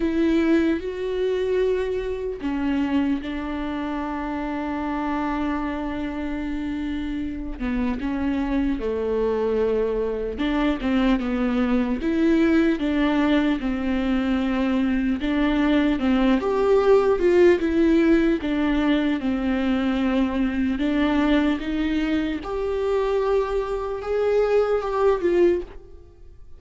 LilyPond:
\new Staff \with { instrumentName = "viola" } { \time 4/4 \tempo 4 = 75 e'4 fis'2 cis'4 | d'1~ | d'4. b8 cis'4 a4~ | a4 d'8 c'8 b4 e'4 |
d'4 c'2 d'4 | c'8 g'4 f'8 e'4 d'4 | c'2 d'4 dis'4 | g'2 gis'4 g'8 f'8 | }